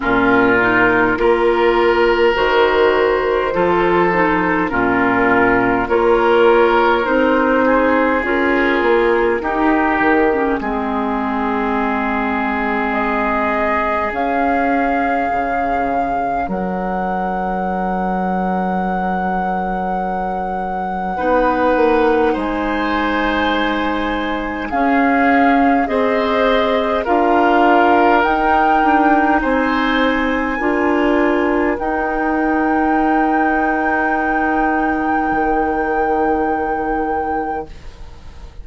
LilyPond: <<
  \new Staff \with { instrumentName = "flute" } { \time 4/4 \tempo 4 = 51 ais'2 c''2 | ais'4 cis''4 c''4 ais'4~ | ais'8 gis'2~ gis'8 dis''4 | f''2 fis''2~ |
fis''2. gis''4~ | gis''4 f''4 dis''4 f''4 | g''4 gis''2 g''4~ | g''1 | }
  \new Staff \with { instrumentName = "oboe" } { \time 4/4 f'4 ais'2 a'4 | f'4 ais'4. gis'4. | g'4 gis'2.~ | gis'2 ais'2~ |
ais'2 b'4 c''4~ | c''4 gis'4 c''4 ais'4~ | ais'4 c''4 ais'2~ | ais'1 | }
  \new Staff \with { instrumentName = "clarinet" } { \time 4/4 cis'8 dis'8 f'4 fis'4 f'8 dis'8 | cis'4 f'4 dis'4 f'4 | dis'8. cis'16 c'2. | cis'1~ |
cis'2 dis'2~ | dis'4 cis'4 gis'4 f'4 | dis'2 f'4 dis'4~ | dis'1 | }
  \new Staff \with { instrumentName = "bassoon" } { \time 4/4 ais,4 ais4 dis4 f4 | ais,4 ais4 c'4 cis'8 ais8 | dis'8 dis8 gis2. | cis'4 cis4 fis2~ |
fis2 b8 ais8 gis4~ | gis4 cis'4 c'4 d'4 | dis'8 d'8 c'4 d'4 dis'4~ | dis'2 dis2 | }
>>